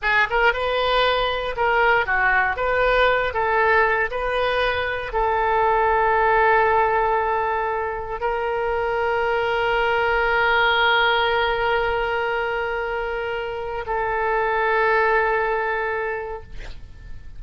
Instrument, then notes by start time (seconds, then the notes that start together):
oboe
0.02 G#4
0.30 A#4
0.53 B4
1.56 A#4
2.05 F#4
2.56 B4
3.33 A4
4.10 B4
5.12 A4
8.20 A#4
13.86 A4